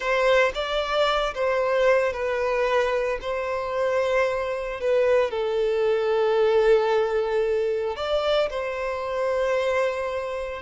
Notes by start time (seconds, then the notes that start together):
0.00 C5
0.54 D5
1.34 C5
2.12 B4
3.21 C5
4.80 B4
5.30 A4
7.96 D5
8.50 C5